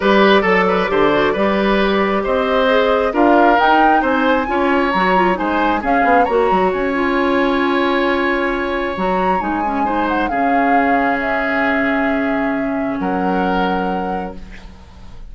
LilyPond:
<<
  \new Staff \with { instrumentName = "flute" } { \time 4/4 \tempo 4 = 134 d''1~ | d''4 dis''2 f''4 | g''4 gis''2 ais''4 | gis''4 f''4 ais''4 gis''4~ |
gis''1 | ais''4 gis''4. fis''8 f''4~ | f''4 e''2.~ | e''4 fis''2. | }
  \new Staff \with { instrumentName = "oboe" } { \time 4/4 b'4 a'8 b'8 c''4 b'4~ | b'4 c''2 ais'4~ | ais'4 c''4 cis''2 | c''4 gis'4 cis''2~ |
cis''1~ | cis''2 c''4 gis'4~ | gis'1~ | gis'4 ais'2. | }
  \new Staff \with { instrumentName = "clarinet" } { \time 4/4 g'4 a'4 g'8 fis'8 g'4~ | g'2 gis'4 f'4 | dis'2 f'4 fis'8 f'8 | dis'4 cis'4 fis'4. f'8~ |
f'1 | fis'4 dis'8 cis'8 dis'4 cis'4~ | cis'1~ | cis'1 | }
  \new Staff \with { instrumentName = "bassoon" } { \time 4/4 g4 fis4 d4 g4~ | g4 c'2 d'4 | dis'4 c'4 cis'4 fis4 | gis4 cis'8 b8 ais8 fis8 cis'4~ |
cis'1 | fis4 gis2 cis4~ | cis1~ | cis4 fis2. | }
>>